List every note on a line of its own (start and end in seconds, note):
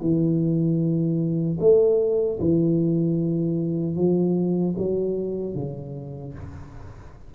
0.00 1.58 E3
1.60 2.39 A3
2.39 3.95 E3
3.95 4.74 F3
4.78 5.54 F#3
5.54 6.33 C#3